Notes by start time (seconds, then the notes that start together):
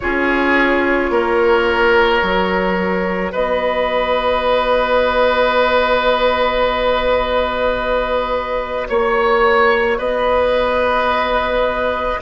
0.00 C#4 F4 G#4 C#5
1.10 A#3 A#4
2.22 F#3 F#4
3.32 B3 B4 D#5
8.87 A#3 C#5
9.97 B3 B4 D#5